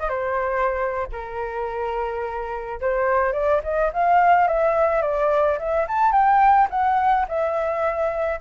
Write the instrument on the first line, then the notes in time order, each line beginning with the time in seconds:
flute
0.00 D#5
0.10 C5
1.13 A#4
2.81 C5
3.33 D5
3.64 D#5
3.94 F5
4.48 E5
5.02 D5
5.59 E5
5.89 A5
6.12 G5
6.71 F#5
7.28 E5